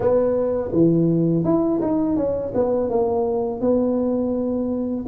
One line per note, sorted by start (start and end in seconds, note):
0.00 0.71 B3
0.72 1.44 E3
1.44 1.80 E4
1.81 2.16 D#4
2.16 2.52 C#4
2.54 2.89 B3
2.89 3.60 A#3
3.60 5.05 B3